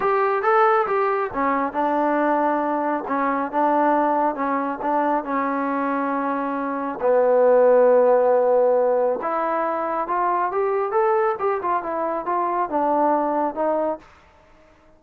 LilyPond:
\new Staff \with { instrumentName = "trombone" } { \time 4/4 \tempo 4 = 137 g'4 a'4 g'4 cis'4 | d'2. cis'4 | d'2 cis'4 d'4 | cis'1 |
b1~ | b4 e'2 f'4 | g'4 a'4 g'8 f'8 e'4 | f'4 d'2 dis'4 | }